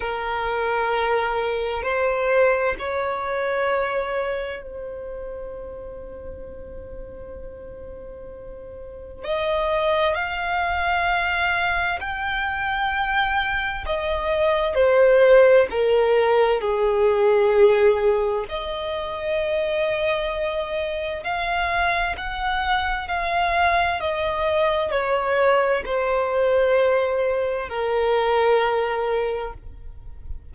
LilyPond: \new Staff \with { instrumentName = "violin" } { \time 4/4 \tempo 4 = 65 ais'2 c''4 cis''4~ | cis''4 c''2.~ | c''2 dis''4 f''4~ | f''4 g''2 dis''4 |
c''4 ais'4 gis'2 | dis''2. f''4 | fis''4 f''4 dis''4 cis''4 | c''2 ais'2 | }